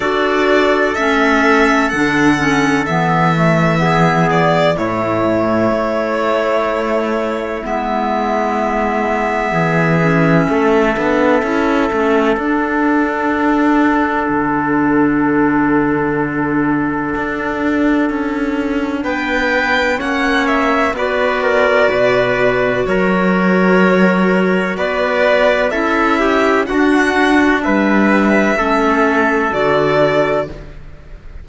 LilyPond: <<
  \new Staff \with { instrumentName = "violin" } { \time 4/4 \tempo 4 = 63 d''4 e''4 fis''4 e''4~ | e''8 d''8 cis''2. | e''1~ | e''4 fis''2.~ |
fis''1 | g''4 fis''8 e''8 d''2 | cis''2 d''4 e''4 | fis''4 e''2 d''4 | }
  \new Staff \with { instrumentName = "trumpet" } { \time 4/4 a'1 | gis'4 e'2.~ | e'2 gis'4 a'4~ | a'1~ |
a'1 | b'4 cis''4 b'8 ais'8 b'4 | ais'2 b'4 a'8 g'8 | fis'4 b'4 a'2 | }
  \new Staff \with { instrumentName = "clarinet" } { \time 4/4 fis'4 cis'4 d'8 cis'8 b8 a8 | b4 a2. | b2~ b8 cis'4 d'8 | e'8 cis'8 d'2.~ |
d'1~ | d'4 cis'4 fis'2~ | fis'2. e'4 | d'2 cis'4 fis'4 | }
  \new Staff \with { instrumentName = "cello" } { \time 4/4 d'4 a4 d4 e4~ | e4 a,4 a2 | gis2 e4 a8 b8 | cis'8 a8 d'2 d4~ |
d2 d'4 cis'4 | b4 ais4 b4 b,4 | fis2 b4 cis'4 | d'4 g4 a4 d4 | }
>>